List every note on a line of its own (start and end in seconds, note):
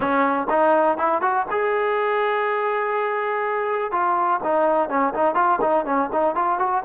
0.00 0.47 C#4
0.49 0.97 D#4
0.97 1.21 E4
1.21 1.45 F#4
1.50 3.91 G#4
3.91 4.40 F4
4.43 4.89 D#4
4.89 5.13 C#4
5.14 5.35 D#4
5.35 5.59 F4
5.61 5.85 D#4
5.85 6.09 C#4
6.12 6.35 D#4
6.35 6.59 F4
6.59 6.83 F#4